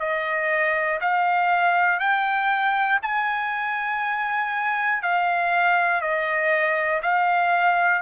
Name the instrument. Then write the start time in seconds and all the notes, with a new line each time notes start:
trumpet
0.00 D#5
1.01 F5
2.00 G5
3.03 G#5
5.03 F5
6.01 D#5
7.03 F5